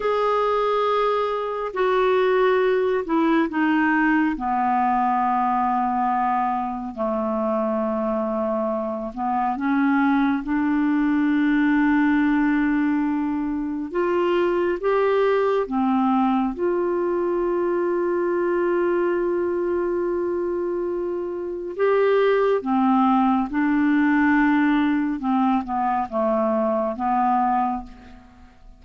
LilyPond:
\new Staff \with { instrumentName = "clarinet" } { \time 4/4 \tempo 4 = 69 gis'2 fis'4. e'8 | dis'4 b2. | a2~ a8 b8 cis'4 | d'1 |
f'4 g'4 c'4 f'4~ | f'1~ | f'4 g'4 c'4 d'4~ | d'4 c'8 b8 a4 b4 | }